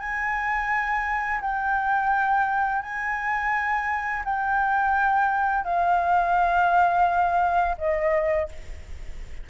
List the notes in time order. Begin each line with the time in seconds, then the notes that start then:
0.00 G#5
1.41 G5
2.82 G#5
4.25 G5
5.65 F5
7.78 D#5